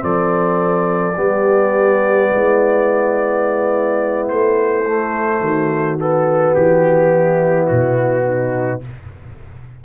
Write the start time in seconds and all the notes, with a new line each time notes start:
0.00 F3 C4 A4 D5
1.17 G3 B3 G4
2.32 G#3 E4
4.29 A3 C5
4.86 A3
5.41 D#3 F#4
5.99 B3 A4
6.55 E3 G4
7.11 E4
7.67 B2 F#4
8.25 D#4